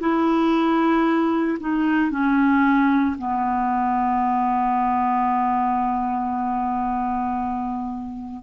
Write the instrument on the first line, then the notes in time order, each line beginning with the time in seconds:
clarinet
0.00 E4
1.60 D#4
2.11 C#4
3.18 B3